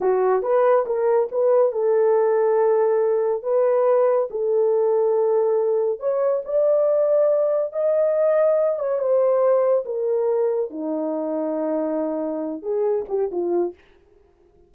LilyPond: \new Staff \with { instrumentName = "horn" } { \time 4/4 \tempo 4 = 140 fis'4 b'4 ais'4 b'4 | a'1 | b'2 a'2~ | a'2 cis''4 d''4~ |
d''2 dis''2~ | dis''8 cis''8 c''2 ais'4~ | ais'4 dis'2.~ | dis'4. gis'4 g'8 f'4 | }